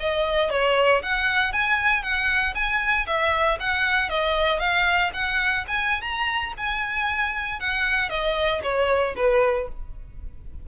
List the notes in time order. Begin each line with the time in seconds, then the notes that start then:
0.00 D#5
0.51 C#5
1.03 F#5
1.53 G#5
2.03 F#5
2.55 G#5
3.07 E5
3.60 F#5
4.10 D#5
4.60 F5
5.14 F#5
5.68 G#5
6.02 A#5
6.58 G#5
7.60 F#5
8.10 D#5
8.63 C#5
9.17 B4